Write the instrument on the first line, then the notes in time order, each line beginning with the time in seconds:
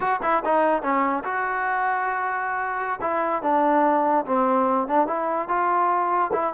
trombone
0.00 F#4
0.22 E4
0.44 D#4
0.82 C#4
1.24 F#4
3.01 E4
3.42 D4
4.25 C4
4.87 D4
5.07 E4
5.48 F4
6.32 E4